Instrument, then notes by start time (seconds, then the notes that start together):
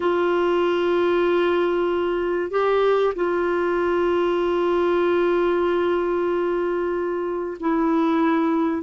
clarinet
0.00 F4
2.50 G4
3.15 F4
7.60 E4